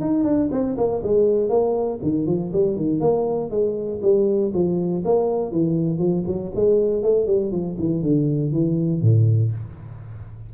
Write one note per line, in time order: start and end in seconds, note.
0.00 0.24 D#4
0.24 0.49 D4
0.51 0.76 C4
0.77 1.02 A#3
1.03 1.49 G#3
1.49 1.99 A#3
2.02 2.26 D#3
2.26 2.51 F3
2.52 2.76 G3
2.76 3.00 D#3
3.00 3.50 A#3
3.50 4.00 G#3
4.02 4.52 G3
4.53 5.03 F3
5.04 5.51 A#3
5.51 5.98 E3
5.98 6.23 F3
6.26 6.51 F#3
6.55 7.02 G#3
7.02 7.26 A3
7.26 7.51 G3
7.51 7.76 F3
7.79 8.02 E3
8.02 8.52 D3
8.52 9.01 E3
9.01 9.51 A2